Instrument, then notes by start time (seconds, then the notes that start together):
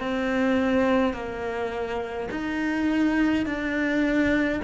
cello
0.00 C4
1.13 A#3
2.31 D#4
3.46 D4